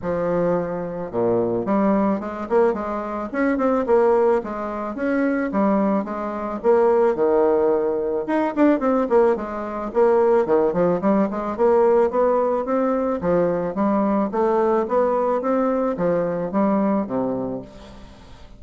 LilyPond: \new Staff \with { instrumentName = "bassoon" } { \time 4/4 \tempo 4 = 109 f2 ais,4 g4 | gis8 ais8 gis4 cis'8 c'8 ais4 | gis4 cis'4 g4 gis4 | ais4 dis2 dis'8 d'8 |
c'8 ais8 gis4 ais4 dis8 f8 | g8 gis8 ais4 b4 c'4 | f4 g4 a4 b4 | c'4 f4 g4 c4 | }